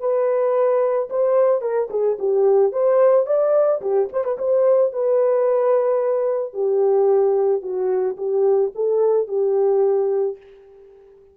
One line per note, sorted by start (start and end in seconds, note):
0.00 1.09 B4
1.10 1.62 C5
1.62 1.89 A#4
1.91 2.18 G#4
2.19 2.72 G4
2.72 3.27 C5
3.27 3.81 D5
3.82 4.09 G4
4.13 4.24 C5
4.24 4.38 B4
4.38 4.93 C5
4.93 6.54 B4
6.54 7.62 G4
7.62 8.17 F#4
8.17 8.72 G4
8.75 9.28 A4
9.28 10.37 G4